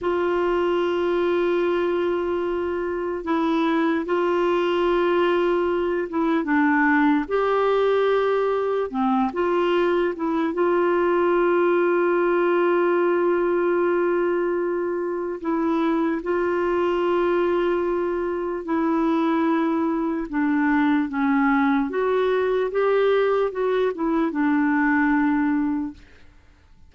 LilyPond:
\new Staff \with { instrumentName = "clarinet" } { \time 4/4 \tempo 4 = 74 f'1 | e'4 f'2~ f'8 e'8 | d'4 g'2 c'8 f'8~ | f'8 e'8 f'2.~ |
f'2. e'4 | f'2. e'4~ | e'4 d'4 cis'4 fis'4 | g'4 fis'8 e'8 d'2 | }